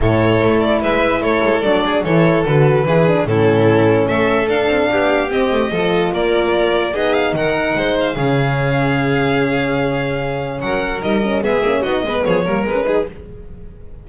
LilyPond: <<
  \new Staff \with { instrumentName = "violin" } { \time 4/4 \tempo 4 = 147 cis''4. d''8 e''4 cis''4 | d''4 cis''4 b'2 | a'2 e''4 f''4~ | f''4 dis''2 d''4~ |
d''4 dis''8 f''8 fis''4. f''8~ | f''1~ | f''2 fis''4 dis''4 | e''4 dis''4 cis''4 b'4 | }
  \new Staff \with { instrumentName = "violin" } { \time 4/4 a'2 b'4 a'4~ | a'8 gis'8 a'2 gis'4 | e'2 a'2 | g'2 a'4 ais'4~ |
ais'4 gis'4 ais'4 c''4 | gis'1~ | gis'2 ais'2 | gis'4 fis'8 b'8 gis'8 ais'4 gis'8 | }
  \new Staff \with { instrumentName = "horn" } { \time 4/4 e'1 | d'4 e'4 fis'4 e'8 d'8 | cis'2. d'4~ | d'4 c'4 f'2~ |
f'4 dis'2. | cis'1~ | cis'2. dis'8 cis'8 | b8 cis'8 dis'8 b4 ais8 b16 cis'16 dis'8 | }
  \new Staff \with { instrumentName = "double bass" } { \time 4/4 a,4 a4 gis4 a8 gis8 | fis4 e4 d4 e4 | a,2 a4 d'8 c'8 | b4 c'8 a8 f4 ais4~ |
ais4 b4 dis4 gis4 | cis1~ | cis2 fis4 g4 | gis8 ais8 b8 gis8 f8 g8 gis4 | }
>>